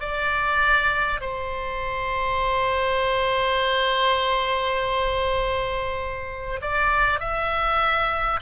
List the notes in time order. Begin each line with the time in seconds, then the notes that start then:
0.00 D5
1.20 C5
6.61 D5
7.19 E5